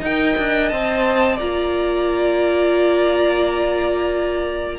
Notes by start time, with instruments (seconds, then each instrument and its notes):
0.00 cello D#4, violin D#5 G5
0.06 viola A#4
0.38 cello D4
0.69 cello C4, viola C5, violin A5
1.36 cello A#3, viola F4, violin D5 A#5